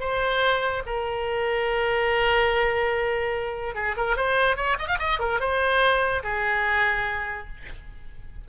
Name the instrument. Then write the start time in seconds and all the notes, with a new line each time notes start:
oboe
0.00 C5
0.86 A#4
3.75 G#4
3.97 A#4
4.16 C5
4.56 C#5
4.79 D#5
4.88 F5
4.99 D#5
5.19 A#4
5.40 C5
6.23 G#4